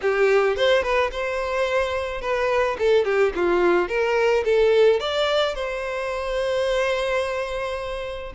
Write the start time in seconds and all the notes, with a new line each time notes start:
0.02 G4
0.56 C5
0.82 B4
1.11 C5
2.21 B4
2.78 A4
3.05 G4
3.35 F4
3.88 A#4
4.44 A4
5.00 D5
5.55 C5